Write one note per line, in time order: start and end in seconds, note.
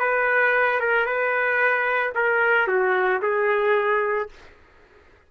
0.00 0.80 B4
0.80 1.06 A#4
1.06 2.13 B4
2.15 2.68 A#4
2.68 3.21 F#4
3.22 4.29 G#4